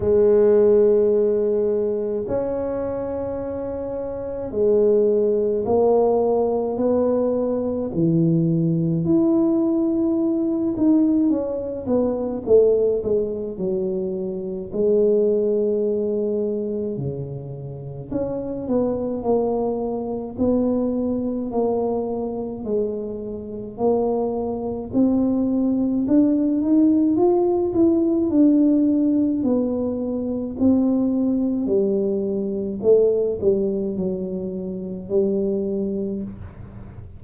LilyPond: \new Staff \with { instrumentName = "tuba" } { \time 4/4 \tempo 4 = 53 gis2 cis'2 | gis4 ais4 b4 e4 | e'4. dis'8 cis'8 b8 a8 gis8 | fis4 gis2 cis4 |
cis'8 b8 ais4 b4 ais4 | gis4 ais4 c'4 d'8 dis'8 | f'8 e'8 d'4 b4 c'4 | g4 a8 g8 fis4 g4 | }